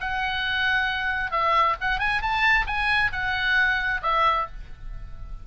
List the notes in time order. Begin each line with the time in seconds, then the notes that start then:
0.00 F#5
1.31 E5
1.80 F#5
1.99 G#5
2.21 A5
2.66 G#5
3.12 F#5
4.02 E5